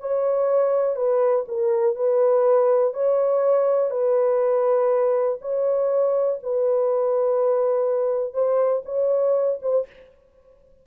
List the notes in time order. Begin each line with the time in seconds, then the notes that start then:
0.00 C#5
0.96 B4
1.48 A#4
1.95 B4
2.93 C#5
3.90 B4
5.41 C#5
6.42 B4
8.34 C5
8.85 C#5
9.62 C5